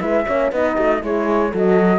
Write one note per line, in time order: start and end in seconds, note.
0.00 0.27 G#3
0.00 0.25 E4
0.00 0.26 B4
0.00 0.51 E5
0.27 0.52 A#3
0.27 0.53 C#4
0.27 0.52 C#5
0.52 0.77 B3
0.52 1.01 D#4
0.52 0.76 B4
0.52 1.04 D#5
0.76 1.03 A3
0.76 1.01 F#4
1.01 1.53 G#3
1.01 1.51 E4
1.01 1.51 G#4
1.01 1.55 C#5
1.51 1.99 F#3
1.51 1.99 F#4
1.51 1.99 A4
1.57 1.99 D#5